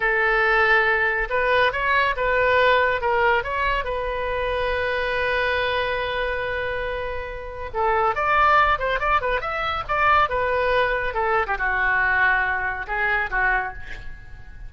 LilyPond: \new Staff \with { instrumentName = "oboe" } { \time 4/4 \tempo 4 = 140 a'2. b'4 | cis''4 b'2 ais'4 | cis''4 b'2.~ | b'1~ |
b'2 a'4 d''4~ | d''8 c''8 d''8 b'8 e''4 d''4 | b'2 a'8. g'16 fis'4~ | fis'2 gis'4 fis'4 | }